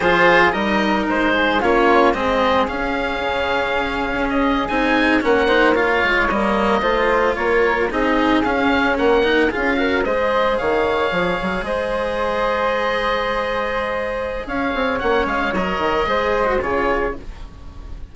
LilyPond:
<<
  \new Staff \with { instrumentName = "oboe" } { \time 4/4 \tempo 4 = 112 c''4 dis''4 c''4 cis''4 | dis''4 f''2. | dis''8. gis''4 fis''4 f''4 dis''16~ | dis''4.~ dis''16 cis''4 dis''4 f''16~ |
f''8. fis''4 f''4 dis''4 f''16~ | f''4.~ f''16 dis''2~ dis''16~ | dis''2. f''4 | fis''8 f''8 dis''2 cis''4 | }
  \new Staff \with { instrumentName = "flute" } { \time 4/4 gis'4 ais'4. gis'8 f'4 | gis'1~ | gis'4.~ gis'16 ais'8 c''8 cis''4~ cis''16~ | cis''8. c''4 ais'4 gis'4~ gis'16~ |
gis'8. ais'4 gis'8 ais'8 c''4 cis''16~ | cis''4.~ cis''16 c''2~ c''16~ | c''2. cis''4~ | cis''2 c''4 gis'4 | }
  \new Staff \with { instrumentName = "cello" } { \time 4/4 f'4 dis'2 cis'4 | c'4 cis'2.~ | cis'8. dis'4 cis'8 dis'8 f'4 ais16~ | ais8. f'2 dis'4 cis'16~ |
cis'4~ cis'16 dis'8 f'8 fis'8 gis'4~ gis'16~ | gis'1~ | gis'1 | cis'4 ais'4 gis'8. fis'16 f'4 | }
  \new Staff \with { instrumentName = "bassoon" } { \time 4/4 f4 g4 gis4 ais4 | gis4 cis'4 cis4.~ cis16 cis'16~ | cis'8. c'4 ais4. gis8 g16~ | g8. a4 ais4 c'4 cis'16~ |
cis'8. ais4 cis'4 gis4 dis16~ | dis8. f8 fis8 gis2~ gis16~ | gis2. cis'8 c'8 | ais8 gis8 fis8 dis8 gis4 cis4 | }
>>